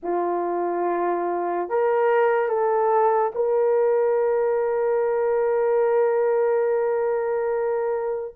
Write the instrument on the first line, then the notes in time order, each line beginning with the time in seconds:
horn
0.02 F4
1.69 A#4
2.48 A4
3.34 A#4